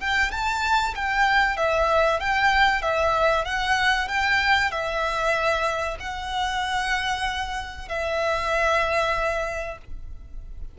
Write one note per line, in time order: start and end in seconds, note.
0.00 0.31 G5
0.31 0.94 A5
0.95 1.57 G5
1.57 2.20 E5
2.20 2.82 G5
2.82 3.45 E5
3.45 4.08 F#5
4.08 4.71 G5
4.71 5.97 E5
6.00 7.89 F#5
7.89 9.78 E5